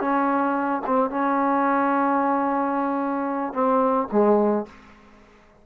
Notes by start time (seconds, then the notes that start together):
0.00 C#4
0.86 C4
1.10 C#4
3.53 C4
4.12 G#3